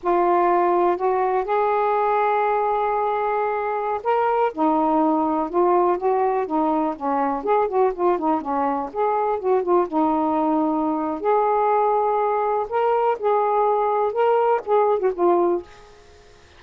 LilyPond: \new Staff \with { instrumentName = "saxophone" } { \time 4/4 \tempo 4 = 123 f'2 fis'4 gis'4~ | gis'1~ | gis'16 ais'4 dis'2 f'8.~ | f'16 fis'4 dis'4 cis'4 gis'8 fis'16~ |
fis'16 f'8 dis'8 cis'4 gis'4 fis'8 f'16~ | f'16 dis'2~ dis'8. gis'4~ | gis'2 ais'4 gis'4~ | gis'4 ais'4 gis'8. fis'16 f'4 | }